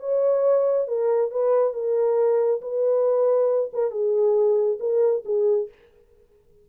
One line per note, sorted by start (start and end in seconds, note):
0.00 0.87 C#5
0.87 1.31 A#4
1.31 1.74 B4
1.74 2.61 A#4
2.61 3.71 B4
3.73 3.91 A#4
3.91 4.79 G#4
4.80 5.24 A#4
5.25 5.69 G#4